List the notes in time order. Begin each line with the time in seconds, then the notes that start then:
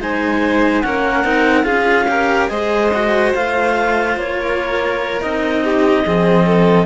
0.00 G#3 D#4 C5 G#5
0.82 A#3 C#4 A#4 F#5
1.24 C4 D#4
1.64 C#4 F4 G#4 F5
2.09 G4 A#4
2.49 G#3 G#4 C5 D#5
2.94 F#4
3.34 A3 F4 F5
4.16 A#3 C#5
4.41 A#4
5.21 C4 D#4 D#5
5.64 G4
6.06 F3 C4 G#4
6.46 A4